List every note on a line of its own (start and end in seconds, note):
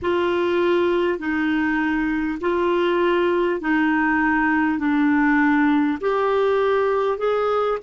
0.02 1.18 F4
1.18 2.38 D#4
2.41 3.61 F4
3.61 4.78 D#4
4.78 5.98 D4
6.00 7.17 G4
7.17 7.77 G#4